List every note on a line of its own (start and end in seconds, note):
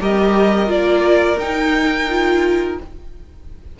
0.00 0.70 G3
0.00 0.67 G4
0.00 2.80 A#4
0.00 0.71 D#5
0.67 1.37 A#3
0.67 1.36 F4
0.67 1.39 D5
1.37 2.76 D#4
1.37 2.10 D#4
1.37 2.79 G5
2.10 2.80 F4